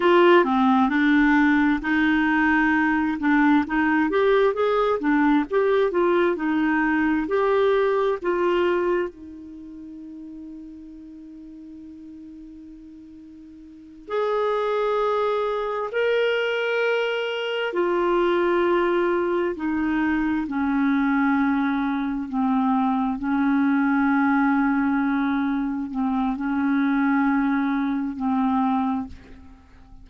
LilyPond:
\new Staff \with { instrumentName = "clarinet" } { \time 4/4 \tempo 4 = 66 f'8 c'8 d'4 dis'4. d'8 | dis'8 g'8 gis'8 d'8 g'8 f'8 dis'4 | g'4 f'4 dis'2~ | dis'2.~ dis'8 gis'8~ |
gis'4. ais'2 f'8~ | f'4. dis'4 cis'4.~ | cis'8 c'4 cis'2~ cis'8~ | cis'8 c'8 cis'2 c'4 | }